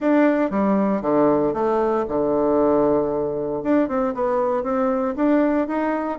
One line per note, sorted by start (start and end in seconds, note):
0.00 0.50 D4
0.50 1.01 G3
1.01 1.53 D3
1.53 2.05 A3
2.08 3.63 D3
3.63 3.88 D4
3.88 4.14 C4
4.14 4.63 B3
4.63 5.15 C4
5.16 5.67 D4
5.67 6.18 D#4